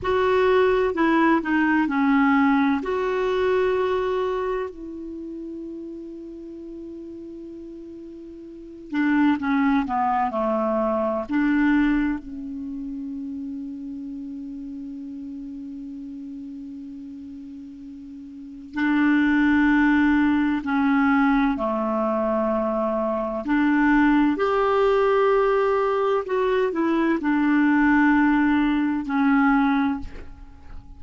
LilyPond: \new Staff \with { instrumentName = "clarinet" } { \time 4/4 \tempo 4 = 64 fis'4 e'8 dis'8 cis'4 fis'4~ | fis'4 e'2.~ | e'4. d'8 cis'8 b8 a4 | d'4 cis'2.~ |
cis'1 | d'2 cis'4 a4~ | a4 d'4 g'2 | fis'8 e'8 d'2 cis'4 | }